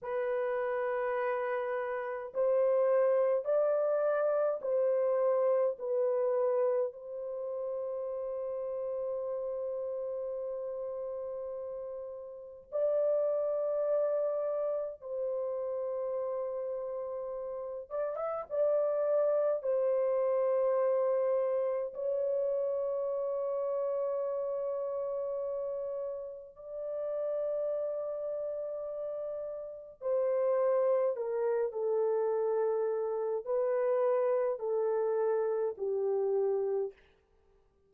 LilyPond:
\new Staff \with { instrumentName = "horn" } { \time 4/4 \tempo 4 = 52 b'2 c''4 d''4 | c''4 b'4 c''2~ | c''2. d''4~ | d''4 c''2~ c''8 d''16 e''16 |
d''4 c''2 cis''4~ | cis''2. d''4~ | d''2 c''4 ais'8 a'8~ | a'4 b'4 a'4 g'4 | }